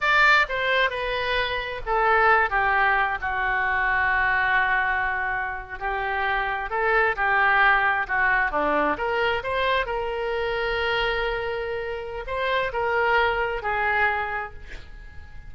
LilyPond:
\new Staff \with { instrumentName = "oboe" } { \time 4/4 \tempo 4 = 132 d''4 c''4 b'2 | a'4. g'4. fis'4~ | fis'1~ | fis'8. g'2 a'4 g'16~ |
g'4.~ g'16 fis'4 d'4 ais'16~ | ais'8. c''4 ais'2~ ais'16~ | ais'2. c''4 | ais'2 gis'2 | }